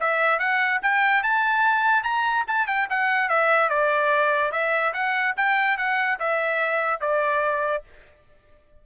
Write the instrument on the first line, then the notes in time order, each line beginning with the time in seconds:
trumpet
0.00 E5
0.39 F#5
0.82 G5
1.23 A5
2.03 A#5
2.48 A5
2.67 G5
2.90 F#5
3.29 E5
3.70 D5
4.52 E5
4.94 F#5
5.37 G5
5.77 F#5
6.19 E5
7.01 D5